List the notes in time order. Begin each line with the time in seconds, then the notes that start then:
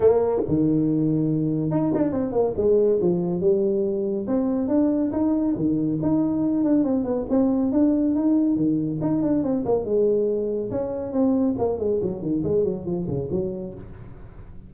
0.00 A#3
0.48 D#3
1.70 D#4
1.94 D4
2.11 C4
2.32 A#3
2.56 G#3
3.01 F3
3.40 G3
4.27 C4
4.68 D4
5.12 D#4
5.56 D#3
6.02 D#4
6.64 D4
6.84 C4
7.04 B3
7.29 C4
7.72 D4
8.15 D#4
8.56 D#3
9.01 D#4
9.22 D4
9.43 C4
9.65 A#3
9.84 G#3
10.70 C#4
11.12 C4
11.58 A#3
11.79 G#3
12.02 F#3
12.21 D#3
12.43 G#3
12.64 F#3
12.85 F3
13.07 C#3
13.31 F#3